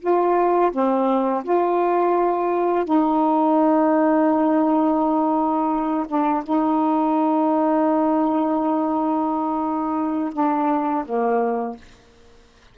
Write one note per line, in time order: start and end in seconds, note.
0.00 0.71 F4
0.72 1.43 C4
1.44 2.85 F4
2.85 6.06 D#4
6.07 6.43 D4
6.44 10.33 D#4
10.33 11.05 D4
11.05 11.77 A#3